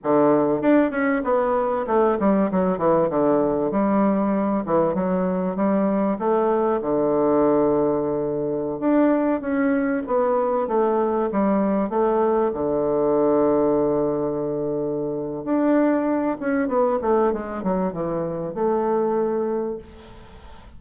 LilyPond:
\new Staff \with { instrumentName = "bassoon" } { \time 4/4 \tempo 4 = 97 d4 d'8 cis'8 b4 a8 g8 | fis8 e8 d4 g4. e8 | fis4 g4 a4 d4~ | d2~ d16 d'4 cis'8.~ |
cis'16 b4 a4 g4 a8.~ | a16 d2.~ d8.~ | d4 d'4. cis'8 b8 a8 | gis8 fis8 e4 a2 | }